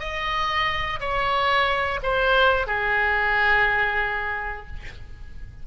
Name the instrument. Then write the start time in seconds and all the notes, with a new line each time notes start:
oboe
0.00 D#5
1.00 C#5
2.03 C5
2.67 G#4